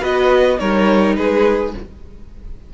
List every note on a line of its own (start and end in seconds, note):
0.00 0.59 B3
0.00 0.57 F#4
0.00 0.57 B4
0.00 0.58 D#5
0.58 1.16 G3
0.58 1.72 D#4
0.58 1.16 A#4
0.58 1.15 C#5
1.16 1.73 G#3
1.16 1.74 G#4
1.16 1.72 B4